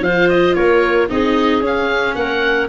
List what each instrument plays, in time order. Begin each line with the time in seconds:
0.00 tuba F3, viola F4, clarinet C5, oboe F5
0.29 oboe D#5
0.55 tuba A#3, clarinet A#4, oboe C#5
1.08 tuba C4, viola D#4, clarinet G#4, oboe D#5
1.60 tuba C#4, viola C#4
1.66 oboe F5
2.15 tuba A#3, clarinet A#4, oboe F#5